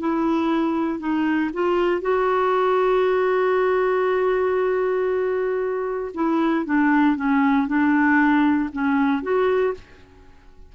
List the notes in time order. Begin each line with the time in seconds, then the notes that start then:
0.00 E4
1.00 D#4
1.54 F4
2.02 F#4
6.14 E4
6.66 D4
7.16 C#4
7.68 D4
8.73 C#4
9.23 F#4